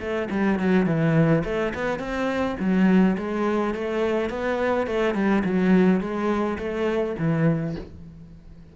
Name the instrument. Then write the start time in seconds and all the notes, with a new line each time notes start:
cello
0.00 A3
0.30 G3
0.59 F#3
0.86 E3
1.44 A3
1.75 B3
1.99 C4
2.60 F#3
3.17 G#3
3.75 A3
4.30 B3
4.87 A3
5.14 G3
5.44 F#3
6.00 G#3
6.58 A3
7.18 E3